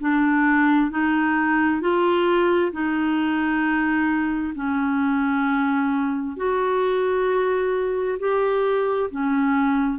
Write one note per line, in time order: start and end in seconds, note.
0.00 0.90 D4
0.90 1.81 D#4
1.81 2.72 F4
2.72 4.54 D#4
4.55 6.36 C#4
6.36 8.18 F#4
8.19 9.10 G4
9.11 9.98 C#4